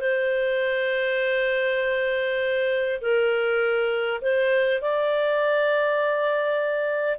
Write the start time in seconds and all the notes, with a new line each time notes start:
0.00 C5
3.01 A#4
4.21 C5
4.81 D5